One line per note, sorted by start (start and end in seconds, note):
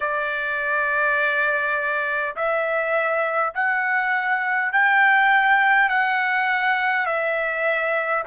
0.00 2.35 D5
2.35 3.53 E5
3.54 4.72 F#5
4.72 5.89 G5
5.89 7.06 F#5
7.06 8.24 E5